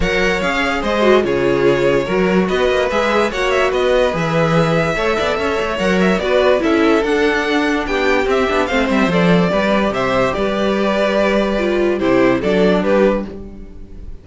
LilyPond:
<<
  \new Staff \with { instrumentName = "violin" } { \time 4/4 \tempo 4 = 145 fis''4 f''4 dis''4 cis''4~ | cis''2 dis''4 e''4 | fis''8 e''8 dis''4 e''2~ | e''2 fis''8 e''8 d''4 |
e''4 fis''2 g''4 | e''4 f''8 e''8 d''2 | e''4 d''2.~ | d''4 c''4 d''4 b'4 | }
  \new Staff \with { instrumentName = "violin" } { \time 4/4 cis''2 c''4 gis'4~ | gis'4 ais'4 b'2 | cis''4 b'2. | cis''8 d''8 cis''2 b'4 |
a'2. g'4~ | g'4 c''2 b'4 | c''4 b'2.~ | b'4 g'4 a'4 g'4 | }
  \new Staff \with { instrumentName = "viola" } { \time 4/4 ais'4 gis'4. fis'8 f'4~ | f'4 fis'2 gis'4 | fis'2 gis'2 | a'2 ais'4 fis'4 |
e'4 d'2. | c'8 d'8 c'4 a'4 g'4~ | g'1 | f'4 e'4 d'2 | }
  \new Staff \with { instrumentName = "cello" } { \time 4/4 fis4 cis'4 gis4 cis4~ | cis4 fis4 b8 ais8 gis4 | ais4 b4 e2 | a8 b8 cis'8 a8 fis4 b4 |
cis'4 d'2 b4 | c'8 b8 a8 g8 f4 g4 | c4 g2.~ | g4 c4 fis4 g4 | }
>>